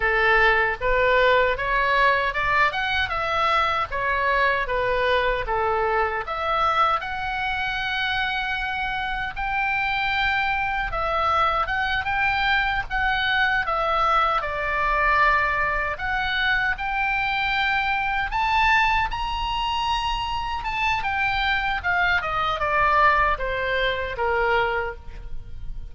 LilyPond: \new Staff \with { instrumentName = "oboe" } { \time 4/4 \tempo 4 = 77 a'4 b'4 cis''4 d''8 fis''8 | e''4 cis''4 b'4 a'4 | e''4 fis''2. | g''2 e''4 fis''8 g''8~ |
g''8 fis''4 e''4 d''4.~ | d''8 fis''4 g''2 a''8~ | a''8 ais''2 a''8 g''4 | f''8 dis''8 d''4 c''4 ais'4 | }